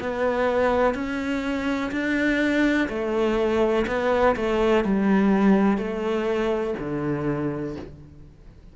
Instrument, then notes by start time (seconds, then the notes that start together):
cello
0.00 B3
0.94 C#4
1.91 D4
2.89 A3
3.87 B3
4.35 A3
4.84 G3
5.77 A3
6.79 D3